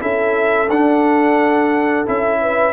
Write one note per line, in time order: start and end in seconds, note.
0.00 0.69 C#4
0.00 0.68 E4
0.00 2.41 A4
0.00 0.70 E5
0.69 2.05 D4
0.69 2.06 D4
0.69 2.07 F#5
2.06 2.73 C#4
2.06 2.73 E4
2.06 2.73 E5
2.41 2.73 B4